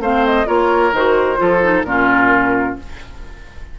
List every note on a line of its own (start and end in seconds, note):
0.00 0.46 A3
0.00 0.46 C4
0.00 0.47 C5
0.00 0.26 F5
0.26 0.48 D#5
0.46 0.92 A#3
0.46 0.92 F4
0.46 1.40 A#4
0.46 0.94 C#5
0.92 1.38 D#3
0.92 1.37 F#4
0.92 1.84 C5
1.37 1.84 F3
1.37 1.60 F4
1.37 1.86 A4
1.62 1.85 D#4
1.84 2.76 A#2
1.84 2.79 C#4
1.84 2.79 F4
1.84 2.76 A#4